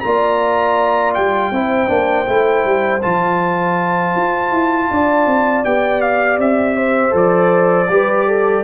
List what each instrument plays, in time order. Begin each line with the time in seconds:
0.00 tuba A#3, trombone F4, trumpet A#5
0.06 horn D5
1.14 tuba G3, trumpet G5
1.51 tuba C4, trombone E4, horn C5
1.88 tuba A#3, trombone D4
2.26 tuba A3, trombone E4
2.65 tuba G3
3.02 tuba F3, trombone F4, trumpet A5
4.15 tuba F4
4.51 tuba E4
4.90 tuba D4, horn D5
5.26 tuba C4
5.64 tuba B3, trombone G4, trumpet G5
6.01 trumpet F5
6.38 tuba C4, trumpet E5
6.76 horn C5
7.10 tuba F3, trombone A4, trumpet D5
7.88 tuba G3, trombone G4, horn B4
8.27 horn A4